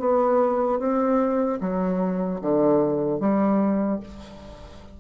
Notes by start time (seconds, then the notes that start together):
0.00 B3
0.80 C4
1.61 F#3
2.41 D3
3.20 G3